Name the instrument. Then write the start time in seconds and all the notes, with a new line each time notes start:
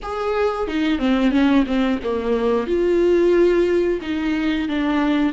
viola
0.02 G#4
0.67 D#4
0.98 C4
1.31 C#4
1.66 C4
2.03 A#3
2.66 F4
4.01 D#4
4.68 D4